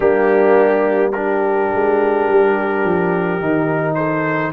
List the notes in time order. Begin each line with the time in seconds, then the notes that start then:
0.00 G3 A#3 D4 G4
1.12 D4 G4 A#4
1.74 G#3
2.28 G3
2.84 F3
3.40 D#3 D#4
3.95 A4 C5